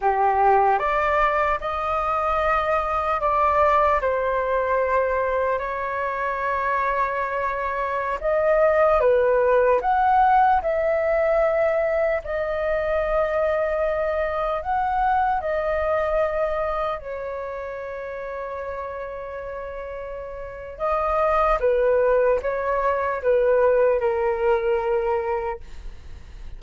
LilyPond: \new Staff \with { instrumentName = "flute" } { \time 4/4 \tempo 4 = 75 g'4 d''4 dis''2 | d''4 c''2 cis''4~ | cis''2~ cis''16 dis''4 b'8.~ | b'16 fis''4 e''2 dis''8.~ |
dis''2~ dis''16 fis''4 dis''8.~ | dis''4~ dis''16 cis''2~ cis''8.~ | cis''2 dis''4 b'4 | cis''4 b'4 ais'2 | }